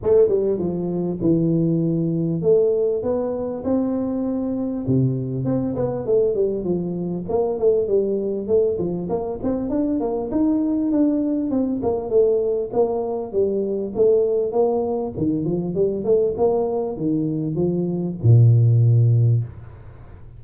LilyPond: \new Staff \with { instrumentName = "tuba" } { \time 4/4 \tempo 4 = 99 a8 g8 f4 e2 | a4 b4 c'2 | c4 c'8 b8 a8 g8 f4 | ais8 a8 g4 a8 f8 ais8 c'8 |
d'8 ais8 dis'4 d'4 c'8 ais8 | a4 ais4 g4 a4 | ais4 dis8 f8 g8 a8 ais4 | dis4 f4 ais,2 | }